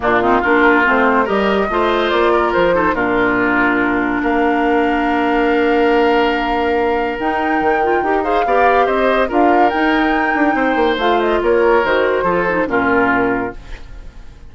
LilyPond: <<
  \new Staff \with { instrumentName = "flute" } { \time 4/4 \tempo 4 = 142 f'4 ais'4 c''4 dis''4~ | dis''4 d''4 c''4 ais'4~ | ais'2 f''2~ | f''1~ |
f''4 g''2~ g''8 f''8~ | f''4 dis''4 f''4 g''4~ | g''2 f''8 dis''8 cis''4 | c''2 ais'2 | }
  \new Staff \with { instrumentName = "oboe" } { \time 4/4 d'8 dis'8 f'2 ais'4 | c''4. ais'4 a'8 f'4~ | f'2 ais'2~ | ais'1~ |
ais'2.~ ais'8 c''8 | d''4 c''4 ais'2~ | ais'4 c''2 ais'4~ | ais'4 a'4 f'2 | }
  \new Staff \with { instrumentName = "clarinet" } { \time 4/4 ais8 c'8 d'4 c'4 g'4 | f'2~ f'8 dis'8 d'4~ | d'1~ | d'1~ |
d'4 dis'4. f'8 g'8 gis'8 | g'2 f'4 dis'4~ | dis'2 f'2 | fis'4 f'8 dis'8 cis'2 | }
  \new Staff \with { instrumentName = "bassoon" } { \time 4/4 ais,4 ais4 a4 g4 | a4 ais4 f4 ais,4~ | ais,2 ais2~ | ais1~ |
ais4 dis'4 dis4 dis'4 | b4 c'4 d'4 dis'4~ | dis'8 d'8 c'8 ais8 a4 ais4 | dis4 f4 ais,2 | }
>>